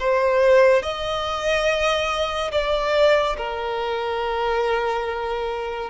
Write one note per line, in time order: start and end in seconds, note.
0.00 0.83 C5
0.83 2.52 D#5
2.52 3.36 D5
3.38 5.90 A#4